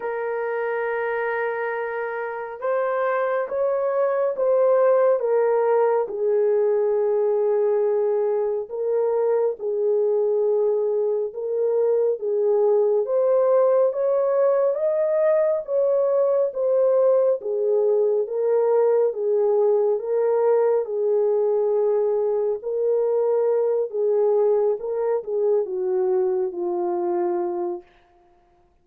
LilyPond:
\new Staff \with { instrumentName = "horn" } { \time 4/4 \tempo 4 = 69 ais'2. c''4 | cis''4 c''4 ais'4 gis'4~ | gis'2 ais'4 gis'4~ | gis'4 ais'4 gis'4 c''4 |
cis''4 dis''4 cis''4 c''4 | gis'4 ais'4 gis'4 ais'4 | gis'2 ais'4. gis'8~ | gis'8 ais'8 gis'8 fis'4 f'4. | }